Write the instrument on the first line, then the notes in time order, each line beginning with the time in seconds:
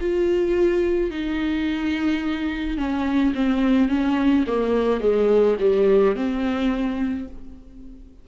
viola
0.00 F4
1.11 D#4
2.77 C#4
3.34 C4
3.89 C#4
4.47 A#3
5.01 G#3
5.59 G3
6.16 C4